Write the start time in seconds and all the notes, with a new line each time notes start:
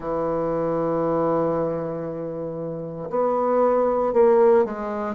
0.00 E3
3.10 B3
4.13 A#3
4.64 G#3